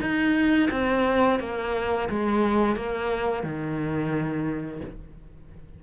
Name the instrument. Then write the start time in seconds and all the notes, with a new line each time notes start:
cello
0.00 D#4
0.71 C4
1.39 A#3
2.09 G#3
2.76 A#3
3.43 D#3